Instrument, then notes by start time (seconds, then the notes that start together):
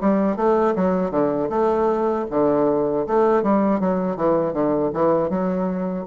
bassoon
0.00 G3
0.36 A3
0.75 F#3
1.10 D3
1.49 A3
2.30 D3
3.06 A3
3.42 G3
3.79 F#3
4.16 E3
4.53 D3
4.93 E3
5.29 F#3